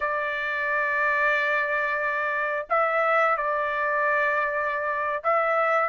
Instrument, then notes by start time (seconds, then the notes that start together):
trumpet
0.00 D5
2.69 E5
3.37 D5
5.23 E5